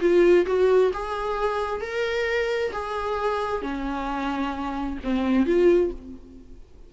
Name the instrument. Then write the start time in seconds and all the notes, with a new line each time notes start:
viola
0.00 F4
0.46 F#4
0.93 G#4
1.80 A#4
2.72 G#4
3.62 C#4
5.03 C4
5.45 F4